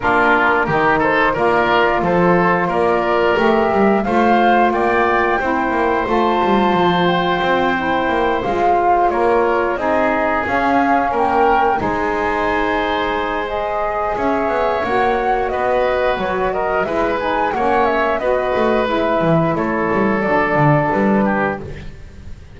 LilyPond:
<<
  \new Staff \with { instrumentName = "flute" } { \time 4/4 \tempo 4 = 89 ais'4. c''8 d''4 c''4 | d''4 e''4 f''4 g''4~ | g''4 a''4. g''4.~ | g''8 f''4 cis''4 dis''4 f''8~ |
f''8 g''4 gis''2~ gis''8 | dis''4 e''4 fis''4 dis''4 | cis''8 dis''8 e''8 gis''8 fis''8 e''8 dis''4 | e''4 cis''4 d''4 b'4 | }
  \new Staff \with { instrumentName = "oboe" } { \time 4/4 f'4 g'8 a'8 ais'4 a'4 | ais'2 c''4 d''4 | c''1~ | c''4. ais'4 gis'4.~ |
gis'8 ais'4 c''2~ c''8~ | c''4 cis''2 b'4~ | b'8 ais'8 b'4 cis''4 b'4~ | b'4 a'2~ a'8 g'8 | }
  \new Staff \with { instrumentName = "saxophone" } { \time 4/4 d'4 dis'4 f'2~ | f'4 g'4 f'2 | e'4 f'2~ f'8 e'8~ | e'8 f'2 dis'4 cis'8~ |
cis'4. dis'2~ dis'8 | gis'2 fis'2~ | fis'4 e'8 dis'8 cis'4 fis'4 | e'2 d'2 | }
  \new Staff \with { instrumentName = "double bass" } { \time 4/4 ais4 dis4 ais4 f4 | ais4 a8 g8 a4 ais4 | c'8 ais8 a8 g8 f4 c'4 | ais8 gis4 ais4 c'4 cis'8~ |
cis'8 ais4 gis2~ gis8~ | gis4 cis'8 b8 ais4 b4 | fis4 gis4 ais4 b8 a8 | gis8 e8 a8 g8 fis8 d8 g4 | }
>>